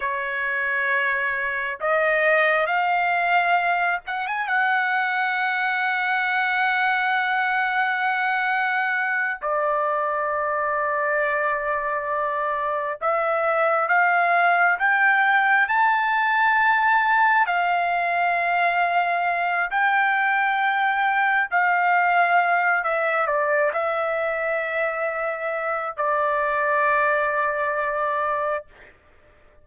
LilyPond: \new Staff \with { instrumentName = "trumpet" } { \time 4/4 \tempo 4 = 67 cis''2 dis''4 f''4~ | f''8 fis''16 gis''16 fis''2.~ | fis''2~ fis''8 d''4.~ | d''2~ d''8 e''4 f''8~ |
f''8 g''4 a''2 f''8~ | f''2 g''2 | f''4. e''8 d''8 e''4.~ | e''4 d''2. | }